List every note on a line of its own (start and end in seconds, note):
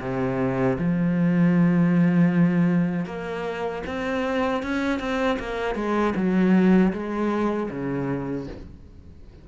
0.00 0.77 C3
0.78 3.06 F3
3.06 3.83 A#3
3.86 4.63 C4
4.63 5.00 C#4
5.00 5.38 C4
5.39 5.75 A#3
5.75 6.14 G#3
6.15 6.92 F#3
6.93 7.70 G#3
7.70 8.47 C#3